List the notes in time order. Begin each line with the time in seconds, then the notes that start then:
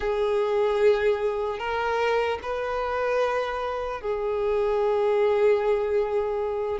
0.00 G#4
1.59 A#4
2.42 B4
4.01 G#4